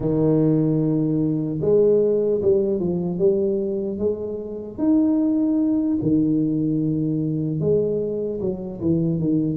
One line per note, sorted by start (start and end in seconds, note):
0.00 1.60 D#3
1.61 2.41 G#3
2.41 2.79 G3
2.79 3.18 F3
3.18 3.98 G3
3.98 4.77 G#3
4.77 5.97 D#4
6.02 7.60 D#3
7.60 8.40 G#3
8.40 8.80 F#3
8.80 9.19 E3
9.19 9.57 D#3